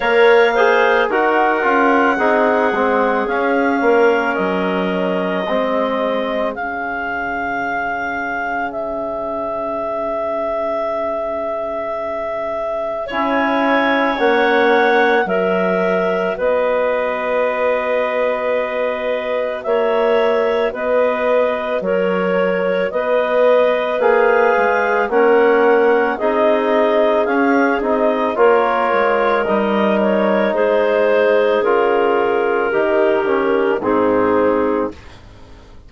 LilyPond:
<<
  \new Staff \with { instrumentName = "clarinet" } { \time 4/4 \tempo 4 = 55 f''4 fis''2 f''4 | dis''2 f''2 | e''1 | gis''4 fis''4 e''4 dis''4~ |
dis''2 e''4 dis''4 | cis''4 dis''4 f''4 fis''4 | dis''4 f''8 dis''8 cis''4 dis''8 cis''8 | c''4 ais'2 gis'4 | }
  \new Staff \with { instrumentName = "clarinet" } { \time 4/4 cis''8 c''8 ais'4 gis'4. ais'8~ | ais'4 gis'2.~ | gis'1 | cis''2 ais'4 b'4~ |
b'2 cis''4 b'4 | ais'4 b'2 ais'4 | gis'2 ais'2 | gis'2 g'4 dis'4 | }
  \new Staff \with { instrumentName = "trombone" } { \time 4/4 ais'8 gis'8 fis'8 f'8 dis'8 c'8 cis'4~ | cis'4 c'4 cis'2~ | cis'1 | e'4 cis'4 fis'2~ |
fis'1~ | fis'2 gis'4 cis'4 | dis'4 cis'8 dis'8 f'4 dis'4~ | dis'4 f'4 dis'8 cis'8 c'4 | }
  \new Staff \with { instrumentName = "bassoon" } { \time 4/4 ais4 dis'8 cis'8 c'8 gis8 cis'8 ais8 | fis4 gis4 cis2~ | cis1 | cis'4 ais4 fis4 b4~ |
b2 ais4 b4 | fis4 b4 ais8 gis8 ais4 | c'4 cis'8 c'8 ais8 gis8 g4 | gis4 cis4 dis4 gis,4 | }
>>